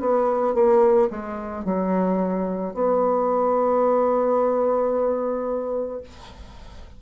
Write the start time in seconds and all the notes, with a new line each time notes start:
0.00 B3
0.55 A#3
1.11 G#3
1.65 F#3
2.74 B3